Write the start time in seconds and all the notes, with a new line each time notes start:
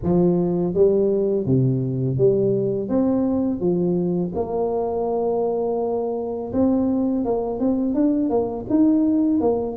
0.03 F3
0.74 G3
1.46 C3
2.17 G3
2.88 C4
3.59 F3
4.35 A#3
6.53 C4
7.24 A#3
7.59 C4
7.94 D4
8.29 A#3
8.69 D#4
9.40 A#3